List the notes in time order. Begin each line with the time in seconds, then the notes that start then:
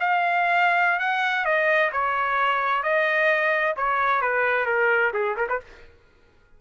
0.00 F5
1.00 F#5
1.45 D#5
1.93 C#5
2.83 D#5
3.77 C#5
4.22 B4
4.66 A#4
5.14 G#4
5.37 A#4
5.49 B4